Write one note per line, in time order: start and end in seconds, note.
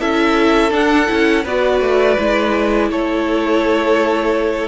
0.00 0.72 C#4
0.00 0.70 E4
0.00 1.44 A4
0.00 0.72 E5
0.70 1.06 D4
0.70 1.08 D4
0.70 1.46 F#5
1.07 1.45 C#4
1.07 1.43 E4
1.44 1.81 B3
1.44 2.17 F#4
1.44 2.88 B4
1.44 2.91 D5
1.81 2.17 A3
2.17 2.91 G#3
2.17 4.68 E4
2.91 4.68 A3
2.91 4.68 A4
2.91 4.68 C#5